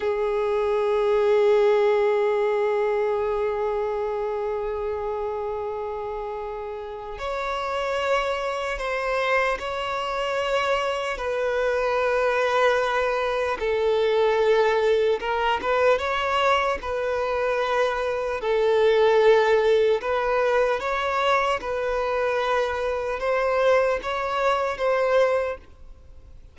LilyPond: \new Staff \with { instrumentName = "violin" } { \time 4/4 \tempo 4 = 75 gis'1~ | gis'1~ | gis'4 cis''2 c''4 | cis''2 b'2~ |
b'4 a'2 ais'8 b'8 | cis''4 b'2 a'4~ | a'4 b'4 cis''4 b'4~ | b'4 c''4 cis''4 c''4 | }